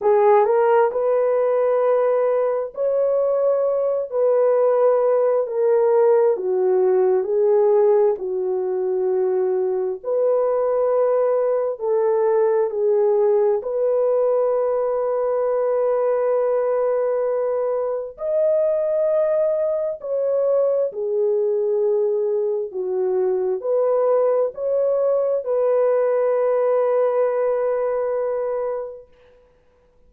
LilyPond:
\new Staff \with { instrumentName = "horn" } { \time 4/4 \tempo 4 = 66 gis'8 ais'8 b'2 cis''4~ | cis''8 b'4. ais'4 fis'4 | gis'4 fis'2 b'4~ | b'4 a'4 gis'4 b'4~ |
b'1 | dis''2 cis''4 gis'4~ | gis'4 fis'4 b'4 cis''4 | b'1 | }